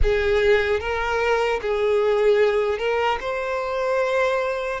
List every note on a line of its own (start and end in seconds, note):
0.02 0.80 G#4
0.80 1.60 A#4
1.61 2.78 G#4
2.78 3.18 A#4
3.20 4.80 C5